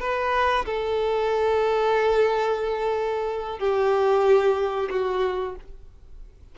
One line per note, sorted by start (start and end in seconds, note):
0.00 0.65 B4
0.65 3.59 A4
3.59 4.89 G4
4.90 5.55 F#4